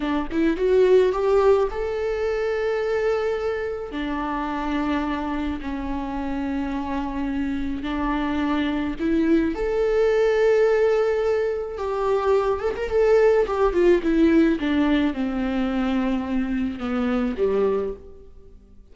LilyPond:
\new Staff \with { instrumentName = "viola" } { \time 4/4 \tempo 4 = 107 d'8 e'8 fis'4 g'4 a'4~ | a'2. d'4~ | d'2 cis'2~ | cis'2 d'2 |
e'4 a'2.~ | a'4 g'4. a'16 ais'16 a'4 | g'8 f'8 e'4 d'4 c'4~ | c'2 b4 g4 | }